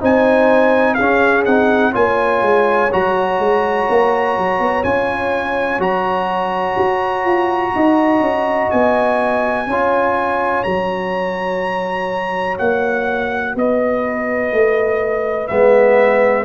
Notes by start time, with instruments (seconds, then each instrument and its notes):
0.00 tuba C4, trombone D#4, horn C5, trumpet G#5
0.95 tuba C#4, horn G#4, trumpet F5
1.01 trombone C#4
1.45 tuba C4, trombone D#4, trumpet F#5
1.91 tuba A#3, trombone F4, horn C#5, trumpet G#5
2.42 tuba G#3
2.92 tuba F#3, trombone F#4, trumpet A#5
3.39 tuba G#3
3.89 tuba A#3
4.38 tuba F#3
4.59 tuba B3
4.84 tuba C#4, trombone F4, trumpet G#5
5.79 tuba F#3, trombone F#4, trumpet A#5
6.77 tuba F#4
7.25 tuba F4
7.75 tuba D#4, horn D#5
8.20 tuba C#4
8.71 tuba B3, trumpet G#5
9.67 tuba C#4, trombone F4, horn C#5
10.63 tuba F#3, trombone F#4, trumpet A#5
12.58 tuba A#3, trumpet F#5
13.55 tuba B3, horn B4, trumpet D#5
14.52 tuba A3
15.48 tuba G#3, trombone B3, trumpet E5